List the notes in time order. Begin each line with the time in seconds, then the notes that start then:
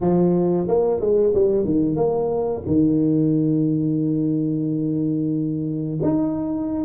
0.01 F3
0.67 A#3
1.00 G#3
1.34 G3
1.65 D#3
1.95 A#3
2.66 D#3
6.02 D#4